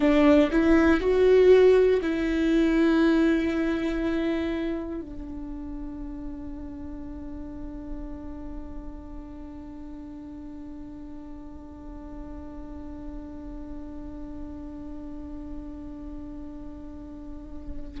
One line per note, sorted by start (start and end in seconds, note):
0.00 0.50 D4
0.51 1.00 E4
1.00 2.00 F#4
2.02 5.00 E4
5.00 18.00 D4